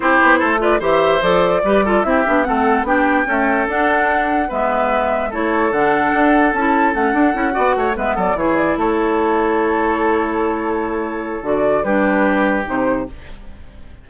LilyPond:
<<
  \new Staff \with { instrumentName = "flute" } { \time 4/4 \tempo 4 = 147 c''4. d''8 e''4 d''4~ | d''4 e''4 fis''4 g''4~ | g''4 fis''2 e''4~ | e''4 cis''4 fis''2 |
a''4 fis''2~ fis''8 e''8 | d''8 cis''8 d''8 cis''2~ cis''8~ | cis''1 | d''4 b'2 c''4 | }
  \new Staff \with { instrumentName = "oboe" } { \time 4/4 g'4 a'8 b'8 c''2 | b'8 a'8 g'4 a'4 g'4 | a'2. b'4~ | b'4 a'2.~ |
a'2~ a'8 d''8 cis''8 b'8 | a'8 gis'4 a'2~ a'8~ | a'1~ | a'4 g'2. | }
  \new Staff \with { instrumentName = "clarinet" } { \time 4/4 e'4. f'8 g'4 a'4 | g'8 f'8 e'8 d'8 c'4 d'4 | a4 d'2 b4~ | b4 e'4 d'2 |
e'4 cis'8 d'8 e'8 fis'4 b8~ | b8 e'2.~ e'8~ | e'1 | fis'4 d'2 dis'4 | }
  \new Staff \with { instrumentName = "bassoon" } { \time 4/4 c'8 b8 a4 e4 f4 | g4 c'8 b8 a4 b4 | cis'4 d'2 gis4~ | gis4 a4 d4 d'4 |
cis'4 a8 d'8 cis'8 b8 a8 gis8 | fis8 e4 a2~ a8~ | a1 | d4 g2 c4 | }
>>